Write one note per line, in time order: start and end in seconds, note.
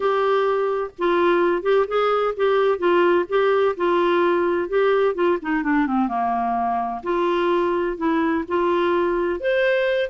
0.00 0.90 G4
0.98 1.62 F4
1.62 1.85 G4
1.87 2.34 G#4
2.36 2.78 G4
2.78 3.25 F4
3.28 3.75 G4
3.76 4.69 F4
4.69 5.14 G4
5.14 5.38 F4
5.41 5.63 D#4
5.63 5.86 D4
5.86 6.08 C4
6.08 7.01 A#3
7.03 7.97 F4
7.97 8.44 E4
8.47 9.39 F4
9.39 10.09 C5